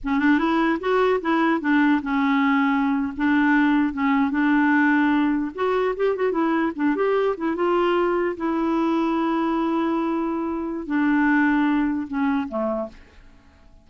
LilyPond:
\new Staff \with { instrumentName = "clarinet" } { \time 4/4 \tempo 4 = 149 cis'8 d'8 e'4 fis'4 e'4 | d'4 cis'2~ cis'8. d'16~ | d'4.~ d'16 cis'4 d'4~ d'16~ | d'4.~ d'16 fis'4 g'8 fis'8 e'16~ |
e'8. d'8 g'4 e'8 f'4~ f'16~ | f'8. e'2.~ e'16~ | e'2. d'4~ | d'2 cis'4 a4 | }